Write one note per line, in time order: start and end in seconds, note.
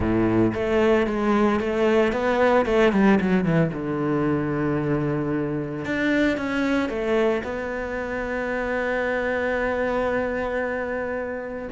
0.00 0.52 A2
0.54 1.06 A3
1.06 1.60 G#3
1.60 2.12 A3
2.12 2.65 B3
2.65 2.92 A3
2.92 3.19 G3
3.20 3.44 F#3
3.44 3.70 E3
3.73 5.85 D3
5.85 6.37 D4
6.37 6.89 C#4
6.89 7.42 A3
7.43 11.68 B3